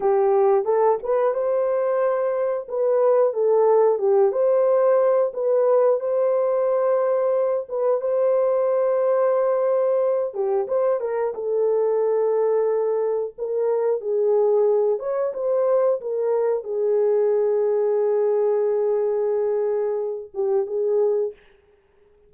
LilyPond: \new Staff \with { instrumentName = "horn" } { \time 4/4 \tempo 4 = 90 g'4 a'8 b'8 c''2 | b'4 a'4 g'8 c''4. | b'4 c''2~ c''8 b'8 | c''2.~ c''8 g'8 |
c''8 ais'8 a'2. | ais'4 gis'4. cis''8 c''4 | ais'4 gis'2.~ | gis'2~ gis'8 g'8 gis'4 | }